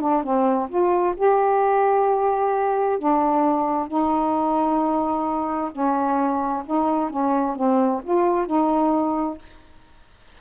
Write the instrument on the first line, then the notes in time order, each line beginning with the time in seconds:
saxophone
0.00 D4
0.23 C4
0.69 F4
1.16 G4
2.98 D4
3.87 D#4
5.71 C#4
6.65 D#4
7.10 C#4
7.55 C4
8.03 F4
8.46 D#4